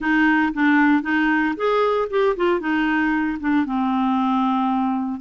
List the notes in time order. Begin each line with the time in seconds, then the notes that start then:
0.00 D#4
0.53 D4
1.02 D#4
1.56 G#4
2.09 G4
2.36 F4
2.59 D#4
3.40 D4
3.65 C4